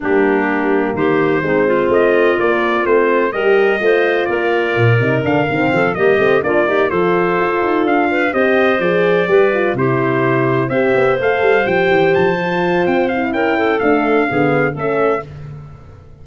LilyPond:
<<
  \new Staff \with { instrumentName = "trumpet" } { \time 4/4 \tempo 4 = 126 g'2 c''2 | dis''4 d''4 c''4 dis''4~ | dis''4 d''2 f''4~ | f''8 dis''4 d''4 c''4.~ |
c''8 f''4 dis''4 d''4.~ | d''8 c''2 e''4 f''8~ | f''8 g''4 a''4. g''8 f''8 | g''4 f''2 e''4 | }
  \new Staff \with { instrumentName = "clarinet" } { \time 4/4 d'2 g'4 dis'8 f'8~ | f'2. ais'4 | c''4 ais'2. | a'8 g'4 f'8 g'8 a'4.~ |
a'4 b'8 c''2 b'8~ | b'8 g'2 c''4.~ | c''1 | ais'8 a'4. gis'4 a'4 | }
  \new Staff \with { instrumentName = "horn" } { \time 4/4 ais2. c'4~ | c'4 ais4 c'4 g'4 | f'2~ f'8 dis'8 d'8 c'8~ | c'8 ais8 c'8 d'8 dis'8 f'4.~ |
f'4. g'4 gis'4 g'8 | f'8 e'2 g'4 a'8~ | a'8 g'4. f'4. e'8~ | e'4 a4 b4 cis'4 | }
  \new Staff \with { instrumentName = "tuba" } { \time 4/4 g2 dis4 gis4 | a4 ais4 a4 g4 | a4 ais4 ais,8 c8 d8 dis8 | f8 g8 a8 ais4 f4 f'8 |
dis'8 d'4 c'4 f4 g8~ | g8 c2 c'8 b8 a8 | g8 f8 e8 f4. c'4 | cis'4 d'4 d4 a4 | }
>>